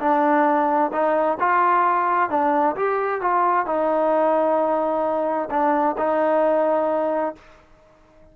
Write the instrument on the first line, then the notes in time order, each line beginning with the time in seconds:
trombone
0.00 D4
0.93 D#4
1.40 F4
2.30 D4
2.76 G4
3.21 F4
3.66 D#4
5.51 D4
5.98 D#4